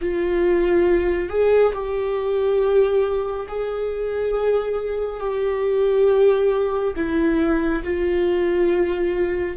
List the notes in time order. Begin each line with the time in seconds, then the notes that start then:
0.01 F4
1.29 G#4
1.73 G4
3.47 G#4
5.20 G4
6.96 E4
7.83 F4